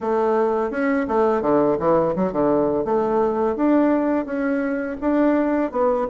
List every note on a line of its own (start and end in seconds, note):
0.00 0.70 A3
0.70 1.06 C#4
1.07 1.41 A3
1.41 1.77 D3
1.79 2.15 E3
2.15 2.32 F#3
2.32 2.84 D3
2.84 3.56 A3
3.56 4.25 D4
4.25 4.96 C#4
5.00 5.71 D4
5.71 6.07 B3